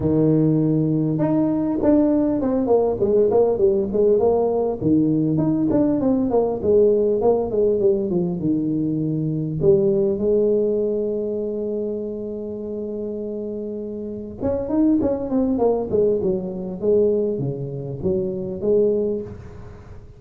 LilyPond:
\new Staff \with { instrumentName = "tuba" } { \time 4/4 \tempo 4 = 100 dis2 dis'4 d'4 | c'8 ais8 gis8 ais8 g8 gis8 ais4 | dis4 dis'8 d'8 c'8 ais8 gis4 | ais8 gis8 g8 f8 dis2 |
g4 gis2.~ | gis1 | cis'8 dis'8 cis'8 c'8 ais8 gis8 fis4 | gis4 cis4 fis4 gis4 | }